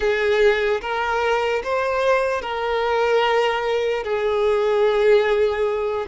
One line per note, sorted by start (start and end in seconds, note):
0.00 0.81 G#4
0.81 1.62 A#4
1.63 2.41 C5
2.41 4.03 A#4
4.03 6.06 G#4